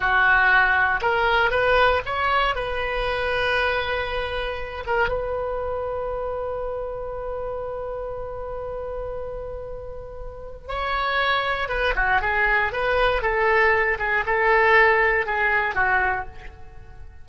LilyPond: \new Staff \with { instrumentName = "oboe" } { \time 4/4 \tempo 4 = 118 fis'2 ais'4 b'4 | cis''4 b'2.~ | b'4. ais'8 b'2~ | b'1~ |
b'1~ | b'4 cis''2 b'8 fis'8 | gis'4 b'4 a'4. gis'8 | a'2 gis'4 fis'4 | }